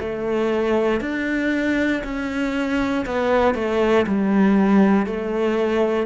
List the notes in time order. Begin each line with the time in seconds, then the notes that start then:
0.00 A3
1.01 D4
2.04 C#4
3.06 B3
3.55 A3
4.07 G3
5.07 A3